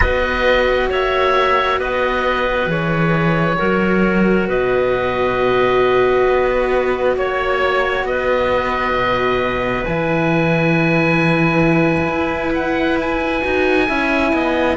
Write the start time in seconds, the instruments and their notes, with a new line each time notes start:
0.00 cello B3 F#4, clarinet B4, oboe D#5
0.90 cello A#3, clarinet C#5, oboe E5
1.79 cello B3, clarinet B4, oboe D#5
2.66 cello E3 G#4, oboe C#5
3.57 cello F#3 F#4, clarinet A#4
4.47 cello B2, clarinet B4, oboe D#5
6.26 cello B3
7.16 cello A#3, oboe C#5, clarinet C#5
8.04 cello B3, clarinet B4, oboe D#5
8.93 cello B2
9.85 cello E3 E4, oboe G#5
12.07 cello E4
12.54 oboe F#5
13.00 oboe G#5
13.41 cello D#4 F#4
13.87 cello C#4 E4, clarinet E5
14.32 cello B3, clarinet D#5